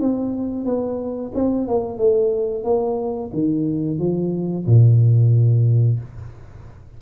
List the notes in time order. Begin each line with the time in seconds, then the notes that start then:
0.00 C4
0.65 B3
1.34 C4
1.68 A#3
1.98 A3
2.64 A#3
3.33 D#3
3.98 F3
4.66 A#2